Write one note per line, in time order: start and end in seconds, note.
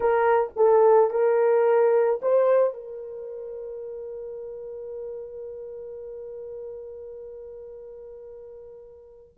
0.00 0.50 A#4
0.56 1.10 A4
1.10 2.20 A#4
2.22 2.73 C5
2.73 9.34 A#4